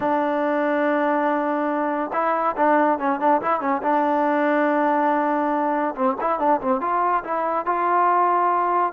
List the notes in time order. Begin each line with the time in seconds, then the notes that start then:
0.00 D4
2.13 E4
2.56 D4
2.98 C#4
3.20 D4
3.41 E4
3.60 C#4
3.82 D4
5.95 C4
6.20 E4
6.39 D4
6.60 C4
6.80 F4
7.23 E4
7.65 F4